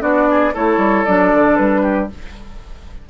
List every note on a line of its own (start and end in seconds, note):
0.00 0.52 B3
0.00 0.52 D4
0.00 0.27 F#4
0.00 0.53 D5
0.30 0.53 G#4
0.53 0.77 A3
0.53 1.06 E4
0.53 1.82 A4
0.53 1.05 C#5
0.77 1.03 G3
1.05 1.33 F#3
1.05 2.09 D4
1.05 1.56 D5
1.34 1.57 D3
1.56 2.09 G3
1.56 2.07 B4
1.82 2.08 G4